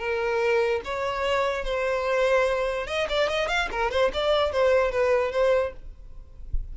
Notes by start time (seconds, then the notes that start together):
0.00 A#4
0.85 C#5
1.65 C5
2.88 D#5
3.10 D5
3.29 D#5
3.49 F5
3.72 A#4
3.91 C5
4.14 D5
4.53 C5
4.92 B4
5.32 C5